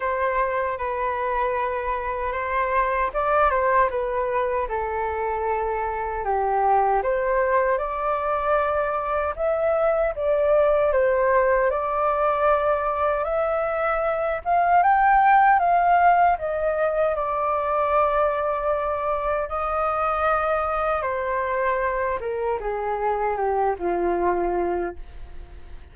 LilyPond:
\new Staff \with { instrumentName = "flute" } { \time 4/4 \tempo 4 = 77 c''4 b'2 c''4 | d''8 c''8 b'4 a'2 | g'4 c''4 d''2 | e''4 d''4 c''4 d''4~ |
d''4 e''4. f''8 g''4 | f''4 dis''4 d''2~ | d''4 dis''2 c''4~ | c''8 ais'8 gis'4 g'8 f'4. | }